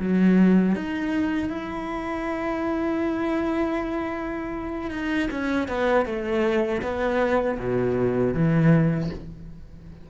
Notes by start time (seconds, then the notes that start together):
0.00 F#3
0.75 D#4
1.50 E4
4.91 D#4
5.31 C#4
5.68 B3
6.06 A3
6.82 B3
7.59 B2
8.34 E3